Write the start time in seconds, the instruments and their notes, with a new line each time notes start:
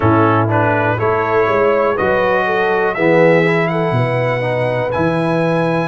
0.00 tuba A2, trombone C#4, horn E4, trumpet A4
0.48 trombone D4, trumpet B4
0.97 tuba A3, trombone E4, horn A4, trumpet C#5
1.45 tuba G#3, horn C#5
1.94 tuba F#3, trombone F#4, horn B4, trumpet D#5
2.45 horn A4
2.94 tuba E3, trombone B3, horn G#4, trumpet E5
3.45 trombone E4
3.67 horn A4, trumpet F#5
3.91 tuba B2, horn B4
4.40 trombone D#4
4.91 tuba E3, trombone E4, trumpet G#5